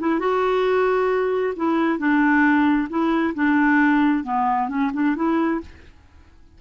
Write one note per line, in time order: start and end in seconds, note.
0.00 0.20 E4
0.20 1.54 F#4
1.57 1.99 E4
1.99 2.88 D4
2.89 3.34 E4
3.35 4.24 D4
4.24 4.69 B3
4.69 4.91 C#4
4.94 5.16 D4
5.16 5.61 E4